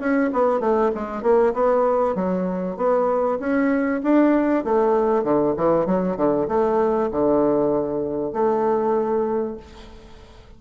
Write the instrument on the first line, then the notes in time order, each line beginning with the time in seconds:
bassoon
0.00 C#4
0.33 B3
0.60 A3
0.95 G#3
1.23 A#3
1.54 B3
2.16 F#3
2.77 B3
3.40 C#4
4.04 D4
4.65 A3
5.24 D3
5.57 E3
5.87 F#3
6.17 D3
6.49 A3
7.12 D3
8.33 A3